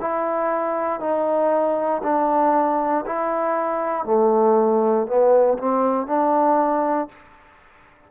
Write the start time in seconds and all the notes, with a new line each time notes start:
0.00 E4
1.00 D#4
2.03 D4
3.06 E4
4.05 A3
5.07 B3
5.58 C4
6.06 D4